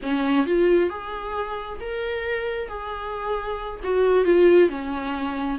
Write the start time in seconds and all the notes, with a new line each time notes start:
0.02 C#4
0.46 F4
0.89 G#4
1.80 A#4
2.68 G#4
3.83 F#4
4.25 F4
4.69 C#4